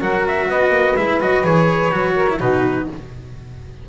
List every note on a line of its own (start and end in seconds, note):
0.00 0.49 F#3
0.00 0.97 F#4
0.00 0.48 A#4
0.00 0.27 F#5
0.28 0.51 E5
0.49 0.70 B3
0.49 2.15 B4
0.49 0.97 D#5
0.70 0.94 A#3
0.97 1.20 G#3
0.97 1.21 E4
0.97 1.21 E5
1.20 1.44 F#3
1.20 1.44 F#4
1.20 1.46 D#5
1.44 1.92 E3
1.44 1.92 G#4
1.44 2.40 C#5
1.92 2.41 F#3
1.92 2.28 F#4
2.15 2.39 A#4
2.30 2.40 E4
2.39 2.89 B2
2.39 2.88 D#4
2.39 2.87 F#4
2.39 2.88 B4